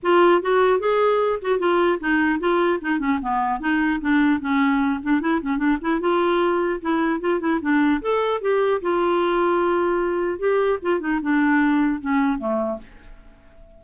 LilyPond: \new Staff \with { instrumentName = "clarinet" } { \time 4/4 \tempo 4 = 150 f'4 fis'4 gis'4. fis'8 | f'4 dis'4 f'4 dis'8 cis'8 | b4 dis'4 d'4 cis'4~ | cis'8 d'8 e'8 cis'8 d'8 e'8 f'4~ |
f'4 e'4 f'8 e'8 d'4 | a'4 g'4 f'2~ | f'2 g'4 f'8 dis'8 | d'2 cis'4 a4 | }